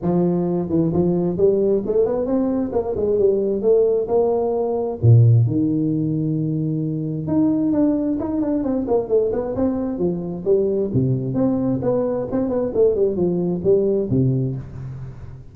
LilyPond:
\new Staff \with { instrumentName = "tuba" } { \time 4/4 \tempo 4 = 132 f4. e8 f4 g4 | a8 b8 c'4 ais8 gis8 g4 | a4 ais2 ais,4 | dis1 |
dis'4 d'4 dis'8 d'8 c'8 ais8 | a8 b8 c'4 f4 g4 | c4 c'4 b4 c'8 b8 | a8 g8 f4 g4 c4 | }